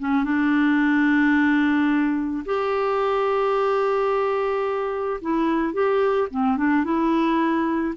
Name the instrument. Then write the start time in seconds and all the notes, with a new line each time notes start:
clarinet
0.00 C#4
0.25 D4
2.46 G4
5.22 E4
5.74 G4
6.31 C4
6.58 D4
6.85 E4